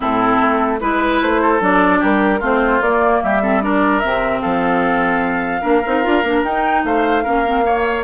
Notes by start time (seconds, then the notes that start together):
0.00 A2 C4 E4 A4
0.40 A3
0.79 G#3 E4 B4
1.21 A3 C5
1.41 A4
1.60 F#3 D4 D5
1.99 G3 G4 A#4
2.39 A3 C4 F4 C5
2.81 A#3 D5
3.22 G3 G4 E5
3.41 C4 A4
3.61 D4 A#4 D5
3.99 C3 C4 E5
4.41 F3 A4 F5
5.61 A#3 D4 A#4
5.86 C4 D#4
6.02 D4 F4
6.23 A#3 D4
6.43 D#4 G5
6.84 A3 C5 F5
7.23 A#3 C#4 A#4
7.45 C4
7.62 A#3 C#5